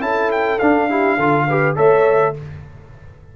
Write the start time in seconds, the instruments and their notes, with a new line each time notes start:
0.00 tuba C#4, trombone E4, horn A4, trumpet A5
0.31 trumpet G5
0.59 tuba D4, trombone D4, trumpet F5
0.89 trombone E4, horn G4
1.17 tuba D3, trombone F4, horn A4
1.47 trombone G4, horn B4
1.75 tuba A3, trombone A4, horn C#5, trumpet E5